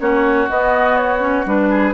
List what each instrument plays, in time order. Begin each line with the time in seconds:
0.00 bassoon A#3, clarinet C#4, oboe F#4, flute C#5
0.50 bassoon B3, clarinet B3, flute D#5
0.97 flute C#5
1.20 clarinet C#4
1.46 bassoon G3, clarinet D4, flute B4
1.70 oboe G#4